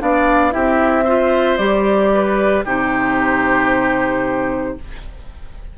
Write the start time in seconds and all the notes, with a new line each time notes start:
0.00 B3 D4 D5 F5
0.51 C4 E4 G4 E5
1.05 F4 C5
1.57 G3 G4 D5
2.14 B4
2.65 C3 D#4 G4 C5